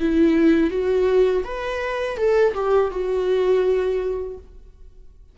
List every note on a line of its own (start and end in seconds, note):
0.00 0.70 E4
0.70 1.43 F#4
1.44 2.18 B4
2.18 2.54 A4
2.54 2.91 G4
2.91 4.37 F#4